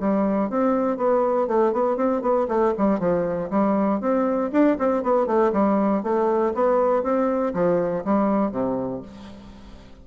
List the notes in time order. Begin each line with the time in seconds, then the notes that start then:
0.00 G3
0.50 C4
0.97 B3
1.48 A3
1.73 B3
1.97 C4
2.22 B3
2.48 A3
2.78 G3
3.00 F3
3.50 G3
4.01 C4
4.52 D4
4.79 C4
5.03 B3
5.27 A3
5.53 G3
6.03 A3
6.55 B3
7.03 C4
7.54 F3
8.05 G3
8.52 C3